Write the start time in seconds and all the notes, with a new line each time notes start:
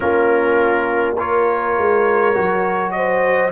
0.00 A#3 C#4 F4 A#4
1.17 F4 A#4 C#5
1.77 G#3
2.34 F#3 F#4
2.91 C5 D#5